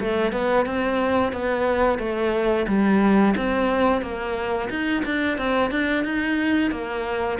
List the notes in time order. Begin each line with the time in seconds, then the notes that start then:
0.00 A3
0.32 B3
0.66 C4
1.33 B3
1.99 A3
2.67 G3
3.36 C4
4.01 A#3
4.70 D#4
5.05 D4
5.37 C4
5.71 D4
6.04 D#4
6.71 A#3